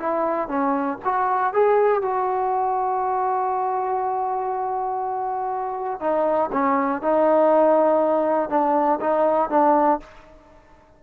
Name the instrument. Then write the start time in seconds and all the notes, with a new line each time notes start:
trombone
0.00 E4
0.49 C#4
1.05 F#4
1.54 G#4
2.02 F#4
6.00 D#4
6.53 C#4
7.02 D#4
8.50 D4
9.01 D#4
9.50 D4